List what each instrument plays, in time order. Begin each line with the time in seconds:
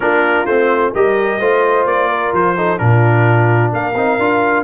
0.00 tuba A#3, trombone D4, horn F4, trumpet A#4
0.45 tuba A3, trombone C4, trumpet C5
0.92 tuba G3, trombone G4, horn A#4, trumpet D#5
1.39 tuba A3, trombone F4, horn C5
1.85 tuba A#3, trumpet D5
2.08 horn A#4
2.33 tuba F3, trumpet C5
2.57 trombone D#4, horn A4
2.78 tuba A#2, trombone D4, horn F4, trumpet A#4
3.72 tuba A#3, horn A#4, trumpet F5
3.94 tuba C4, trombone D#4
4.18 tuba D4, trombone F4